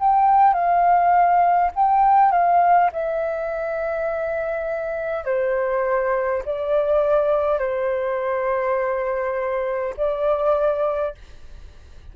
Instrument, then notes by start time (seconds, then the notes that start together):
flute
0.00 G5
0.54 F5
1.75 G5
2.32 F5
2.93 E5
5.25 C5
6.45 D5
7.59 C5
9.97 D5